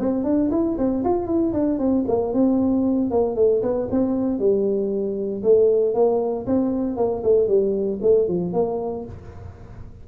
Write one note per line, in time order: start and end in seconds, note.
0.00 0.24 C4
0.24 0.50 D4
0.51 0.77 E4
0.78 1.04 C4
1.05 1.27 F4
1.27 1.53 E4
1.53 1.79 D4
1.79 2.05 C4
2.08 2.34 A#3
2.34 3.11 C4
3.11 3.36 A#3
3.36 3.62 A3
3.63 3.88 B3
3.91 4.39 C4
4.39 5.43 G3
5.43 5.94 A3
5.94 6.46 A#3
6.47 6.97 C4
6.97 7.23 A#3
7.24 7.48 A3
7.48 8.00 G3
8.02 8.28 A3
8.28 8.53 F3
8.53 9.05 A#3